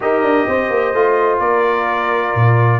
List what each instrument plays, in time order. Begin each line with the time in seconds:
0.00 tuba D#4, trombone G4, horn A#4, trumpet D#5
0.22 tuba D4
0.47 tuba C4, horn C5
0.69 tuba A#3
0.93 tuba A3, trombone F4
1.39 tuba A#3, horn A#4, trumpet D5
2.35 tuba A#2